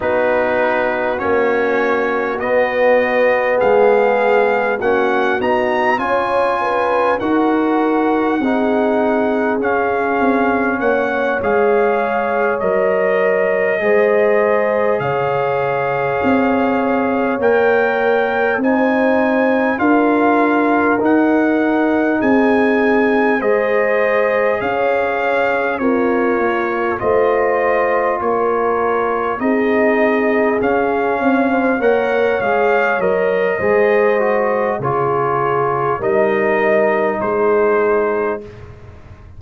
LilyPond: <<
  \new Staff \with { instrumentName = "trumpet" } { \time 4/4 \tempo 4 = 50 b'4 cis''4 dis''4 f''4 | fis''8 ais''8 gis''4 fis''2 | f''4 fis''8 f''4 dis''4.~ | dis''8 f''2 g''4 gis''8~ |
gis''8 f''4 fis''4 gis''4 dis''8~ | dis''8 f''4 cis''4 dis''4 cis''8~ | cis''8 dis''4 f''4 fis''8 f''8 dis''8~ | dis''4 cis''4 dis''4 c''4 | }
  \new Staff \with { instrumentName = "horn" } { \time 4/4 fis'2. gis'4 | fis'4 cis''8 b'8 ais'4 gis'4~ | gis'4 cis''2~ cis''8 c''8~ | c''8 cis''2. c''8~ |
c''8 ais'2 gis'4 c''8~ | c''8 cis''4 f'4 c''4 ais'8~ | ais'8 gis'4. cis''16 c''16 cis''4. | c''4 gis'4 ais'4 gis'4 | }
  \new Staff \with { instrumentName = "trombone" } { \time 4/4 dis'4 cis'4 b2 | cis'8 dis'8 f'4 fis'4 dis'4 | cis'4. gis'4 ais'4 gis'8~ | gis'2~ gis'8 ais'4 dis'8~ |
dis'8 f'4 dis'2 gis'8~ | gis'4. ais'4 f'4.~ | f'8 dis'4 cis'4 ais'8 gis'8 ais'8 | gis'8 fis'8 f'4 dis'2 | }
  \new Staff \with { instrumentName = "tuba" } { \time 4/4 b4 ais4 b4 gis4 | ais8 b8 cis'4 dis'4 c'4 | cis'8 c'8 ais8 gis4 fis4 gis8~ | gis8 cis4 c'4 ais4 c'8~ |
c'8 d'4 dis'4 c'4 gis8~ | gis8 cis'4 c'8 ais8 a4 ais8~ | ais8 c'4 cis'8 c'8 ais8 gis8 fis8 | gis4 cis4 g4 gis4 | }
>>